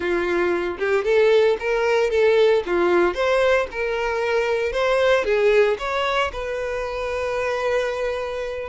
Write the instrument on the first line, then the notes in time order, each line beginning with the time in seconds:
violin
0.00 F4
0.78 G4
1.04 A4
1.59 A#4
2.10 A4
2.66 F4
3.14 C5
3.71 A#4
4.72 C5
5.24 G#4
5.78 C#5
6.32 B4